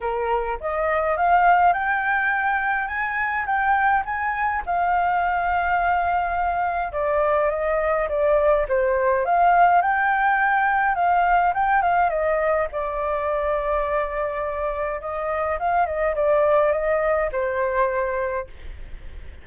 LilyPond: \new Staff \with { instrumentName = "flute" } { \time 4/4 \tempo 4 = 104 ais'4 dis''4 f''4 g''4~ | g''4 gis''4 g''4 gis''4 | f''1 | d''4 dis''4 d''4 c''4 |
f''4 g''2 f''4 | g''8 f''8 dis''4 d''2~ | d''2 dis''4 f''8 dis''8 | d''4 dis''4 c''2 | }